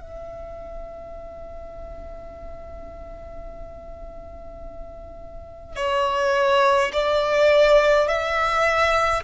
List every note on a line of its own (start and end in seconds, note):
0.00 5.75 E5
5.75 6.91 C#5
6.93 8.08 D5
8.08 9.23 E5